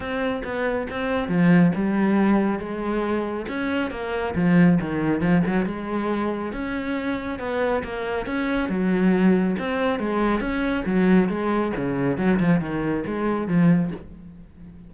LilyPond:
\new Staff \with { instrumentName = "cello" } { \time 4/4 \tempo 4 = 138 c'4 b4 c'4 f4 | g2 gis2 | cis'4 ais4 f4 dis4 | f8 fis8 gis2 cis'4~ |
cis'4 b4 ais4 cis'4 | fis2 c'4 gis4 | cis'4 fis4 gis4 cis4 | fis8 f8 dis4 gis4 f4 | }